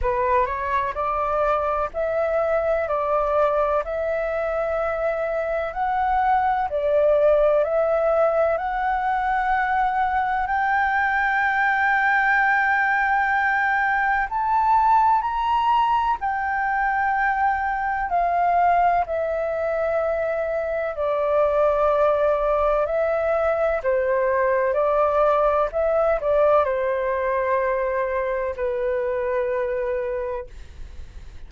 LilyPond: \new Staff \with { instrumentName = "flute" } { \time 4/4 \tempo 4 = 63 b'8 cis''8 d''4 e''4 d''4 | e''2 fis''4 d''4 | e''4 fis''2 g''4~ | g''2. a''4 |
ais''4 g''2 f''4 | e''2 d''2 | e''4 c''4 d''4 e''8 d''8 | c''2 b'2 | }